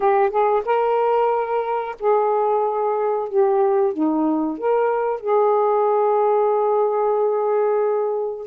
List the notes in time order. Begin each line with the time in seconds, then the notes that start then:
0.00 G4
0.29 G#4
0.65 A#4
1.99 G#4
3.28 G4
3.93 D#4
4.58 A#4
5.20 G#4